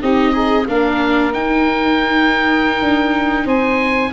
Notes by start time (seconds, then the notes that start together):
0.00 C4 D#4 G4 D#5
0.31 D#4 G#4
0.67 A#3 D4 A#4 F5
1.32 D#4 G5
2.82 D4
3.45 C4 C5 G#5